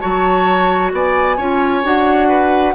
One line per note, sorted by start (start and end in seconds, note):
0.00 0.93 F#3
0.00 1.37 F#4
0.00 0.92 C#5
0.00 0.91 A5
0.93 1.38 B3
0.93 1.37 D5
0.93 1.86 G#5
1.37 1.84 C#4
1.37 1.84 F4
1.37 2.28 C#5
1.84 2.75 D4
1.84 2.74 F#4
1.84 2.75 F#5
2.29 2.74 B4